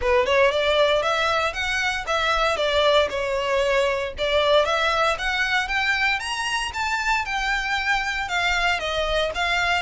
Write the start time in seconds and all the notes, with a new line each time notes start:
0.01 B4
0.26 C#5
0.51 D5
1.02 E5
1.53 F#5
2.06 E5
2.56 D5
3.10 C#5
4.18 D5
4.65 E5
5.18 F#5
5.68 G5
6.19 A#5
6.73 A5
7.25 G5
8.28 F5
8.79 D#5
9.34 F5